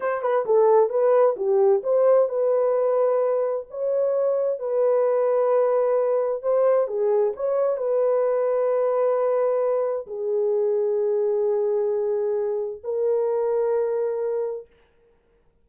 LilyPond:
\new Staff \with { instrumentName = "horn" } { \time 4/4 \tempo 4 = 131 c''8 b'8 a'4 b'4 g'4 | c''4 b'2. | cis''2 b'2~ | b'2 c''4 gis'4 |
cis''4 b'2.~ | b'2 gis'2~ | gis'1 | ais'1 | }